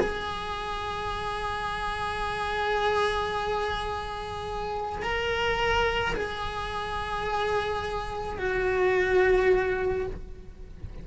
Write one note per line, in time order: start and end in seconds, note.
0.00 5.02 G#4
5.02 6.15 A#4
6.15 8.39 G#4
8.39 10.07 F#4